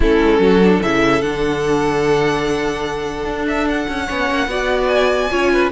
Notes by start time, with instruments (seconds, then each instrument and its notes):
0.00 cello A3, viola C#4, violin E4 A4
0.23 cello G#3
0.39 cello F#3, violin F#4
0.62 viola D4
0.73 violin A4
0.82 cello C#3, viola E4, violin E5
1.21 cello D3, viola D4, violin F#5
3.25 cello D4
3.47 violin E5
3.68 violin F#5
3.87 cello C#4
4.06 cello B3, viola C#4, violin C#5
4.30 cello A#3
4.47 cello B3, viola F#4, violin D5
4.87 violin G#5
5.30 cello C#4, viola F4, violin C#5
5.51 violin B4